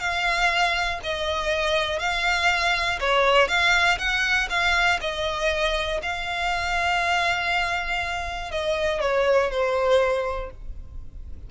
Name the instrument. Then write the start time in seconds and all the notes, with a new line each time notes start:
violin
0.00 F5
1.03 D#5
2.00 F5
3.00 C#5
3.49 F5
3.99 F#5
4.50 F5
5.01 D#5
6.03 F5
8.52 D#5
9.01 C#5
9.51 C5